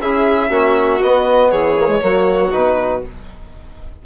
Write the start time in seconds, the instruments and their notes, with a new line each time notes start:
0.00 bassoon C#4, trombone E4, violin G#4 E5
0.50 bassoon A#3, trombone C#4, violin F#4
1.02 trombone B3, bassoon B3, violin D#5
1.50 bassoon E3, violin G#4 C#5
1.79 trombone A#3
1.88 trombone G#3
2.01 bassoon F#3, trombone A#3, violin F#4
2.51 bassoon B2, trombone D#4, violin B4